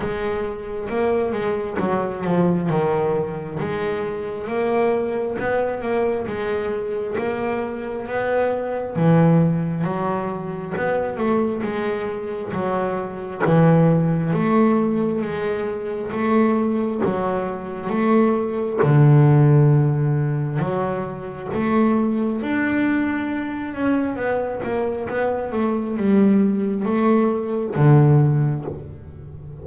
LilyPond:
\new Staff \with { instrumentName = "double bass" } { \time 4/4 \tempo 4 = 67 gis4 ais8 gis8 fis8 f8 dis4 | gis4 ais4 b8 ais8 gis4 | ais4 b4 e4 fis4 | b8 a8 gis4 fis4 e4 |
a4 gis4 a4 fis4 | a4 d2 fis4 | a4 d'4. cis'8 b8 ais8 | b8 a8 g4 a4 d4 | }